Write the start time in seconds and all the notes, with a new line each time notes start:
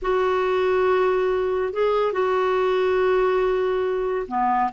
0.02 F#4
1.73 G#4
2.12 F#4
4.27 B3